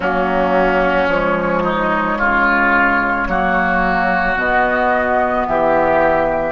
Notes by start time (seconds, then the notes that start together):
0.00 F#3 A#3 C#4 F#4
1.07 F3 G#3 C#5
1.63 D#4
2.18 C#3 F4
3.27 F#3 A#3 F#4
4.35 B2 B3 D#5
5.46 E3 G4 E5